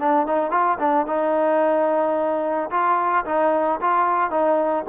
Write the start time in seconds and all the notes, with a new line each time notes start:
0.00 D4
0.27 D#4
0.51 F4
0.79 D4
1.07 D#4
2.71 F4
3.26 D#4
3.81 F4
4.31 D#4